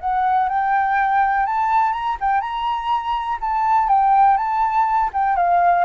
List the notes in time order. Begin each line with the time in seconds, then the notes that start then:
0.00 F#5
0.49 G5
1.46 A5
1.92 A#5
2.20 G5
2.41 A#5
3.41 A5
3.88 G5
4.37 A5
5.13 G5
5.36 F5